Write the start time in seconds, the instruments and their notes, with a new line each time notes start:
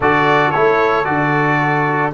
0.00 tuba D3, trombone F#4, saxophone A4, trumpet D5
0.51 tuba A3, trombone E4, trumpet C#5
1.04 tuba D3, trombone F#4, trumpet D5